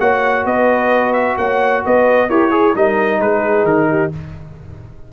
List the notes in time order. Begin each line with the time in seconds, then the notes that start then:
0.00 A#3 F#4 C#5 F#5
0.45 B3 B4 D#5
1.14 E5
1.38 A#3 C#5 F#5
1.85 B3 B4 D#5
2.28 E4 G4 A#4 C#5
2.51 G#4
2.75 G3 D#4 A#4 D#5
3.21 G#3 G#4 B4
3.64 D#3 A#4
3.90 G4